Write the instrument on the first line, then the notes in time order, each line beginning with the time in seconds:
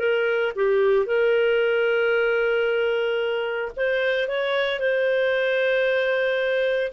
clarinet
0.00 A#4
0.56 G4
1.07 A#4
3.77 C5
4.29 C#5
4.80 C5